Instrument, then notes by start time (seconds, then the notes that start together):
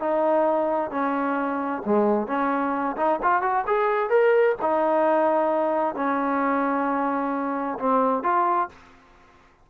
trombone
0.00 D#4
0.91 C#4
1.86 G#3
2.28 C#4
2.97 D#4
3.23 F4
3.42 F#4
3.67 G#4
4.10 A#4
4.62 D#4
5.95 C#4
7.79 C4
8.24 F4